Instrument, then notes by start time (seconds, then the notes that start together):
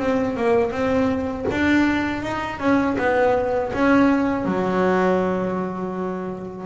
double bass
0.00 C4
0.37 A#3
0.72 C4
1.52 D4
2.23 D#4
2.60 C#4
2.98 B3
3.73 C#4
4.45 F#3